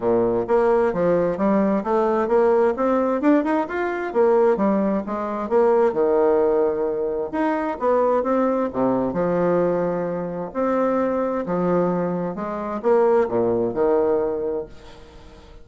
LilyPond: \new Staff \with { instrumentName = "bassoon" } { \time 4/4 \tempo 4 = 131 ais,4 ais4 f4 g4 | a4 ais4 c'4 d'8 dis'8 | f'4 ais4 g4 gis4 | ais4 dis2. |
dis'4 b4 c'4 c4 | f2. c'4~ | c'4 f2 gis4 | ais4 ais,4 dis2 | }